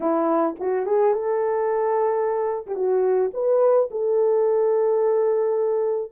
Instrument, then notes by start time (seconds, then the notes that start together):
horn
0.00 E4
0.59 F#4
0.85 G#4
1.13 A4
2.66 G4
2.75 F#4
3.33 B4
3.90 A4